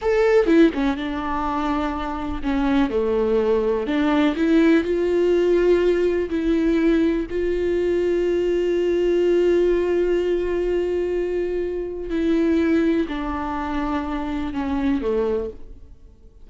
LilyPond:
\new Staff \with { instrumentName = "viola" } { \time 4/4 \tempo 4 = 124 a'4 e'8 cis'8 d'2~ | d'4 cis'4 a2 | d'4 e'4 f'2~ | f'4 e'2 f'4~ |
f'1~ | f'1~ | f'4 e'2 d'4~ | d'2 cis'4 a4 | }